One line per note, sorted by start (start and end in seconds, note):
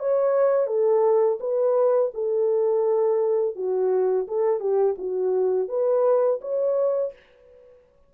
0.00 0.68 C#5
0.68 1.39 A4
1.41 2.12 B4
2.15 3.56 A4
3.56 4.27 F#4
4.28 4.60 A4
4.60 4.96 G4
4.99 5.69 F#4
5.69 6.41 B4
6.42 7.13 C#5